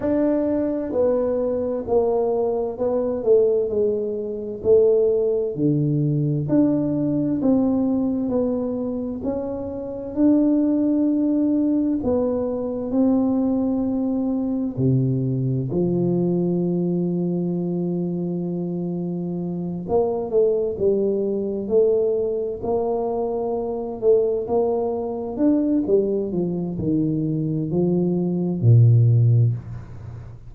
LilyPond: \new Staff \with { instrumentName = "tuba" } { \time 4/4 \tempo 4 = 65 d'4 b4 ais4 b8 a8 | gis4 a4 d4 d'4 | c'4 b4 cis'4 d'4~ | d'4 b4 c'2 |
c4 f2.~ | f4. ais8 a8 g4 a8~ | a8 ais4. a8 ais4 d'8 | g8 f8 dis4 f4 ais,4 | }